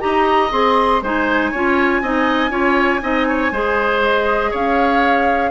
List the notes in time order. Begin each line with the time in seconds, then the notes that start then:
0.00 D#4 G4 D#5 A#5
0.51 C4 G#4 C6
1.01 G#3 D#4 C5 G#5
1.51 C#4 F4 C#5
2.02 C4 D#4 D#5
2.50 C#4 F4 C#5
3.01 C4 D#4 D#5
3.28 C#5
3.52 G#3 G#4 C5
4.03 D#5
4.51 C#4 C#5 F5